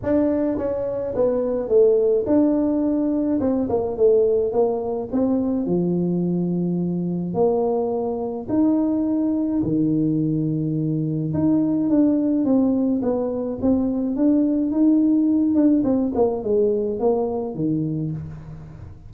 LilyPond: \new Staff \with { instrumentName = "tuba" } { \time 4/4 \tempo 4 = 106 d'4 cis'4 b4 a4 | d'2 c'8 ais8 a4 | ais4 c'4 f2~ | f4 ais2 dis'4~ |
dis'4 dis2. | dis'4 d'4 c'4 b4 | c'4 d'4 dis'4. d'8 | c'8 ais8 gis4 ais4 dis4 | }